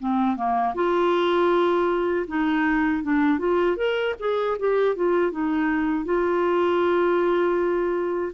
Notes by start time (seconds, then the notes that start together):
0.00 C4
0.36 A#3
0.75 F4
2.28 D#4
3.03 D4
3.39 F4
3.77 A#4
4.19 G#4
4.59 G4
4.96 F4
5.31 D#4
6.05 F4